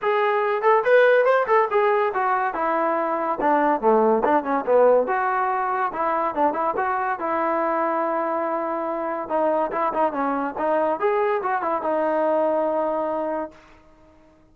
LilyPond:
\new Staff \with { instrumentName = "trombone" } { \time 4/4 \tempo 4 = 142 gis'4. a'8 b'4 c''8 a'8 | gis'4 fis'4 e'2 | d'4 a4 d'8 cis'8 b4 | fis'2 e'4 d'8 e'8 |
fis'4 e'2.~ | e'2 dis'4 e'8 dis'8 | cis'4 dis'4 gis'4 fis'8 e'8 | dis'1 | }